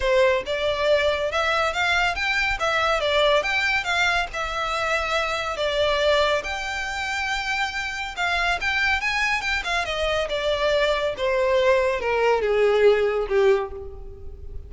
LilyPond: \new Staff \with { instrumentName = "violin" } { \time 4/4 \tempo 4 = 140 c''4 d''2 e''4 | f''4 g''4 e''4 d''4 | g''4 f''4 e''2~ | e''4 d''2 g''4~ |
g''2. f''4 | g''4 gis''4 g''8 f''8 dis''4 | d''2 c''2 | ais'4 gis'2 g'4 | }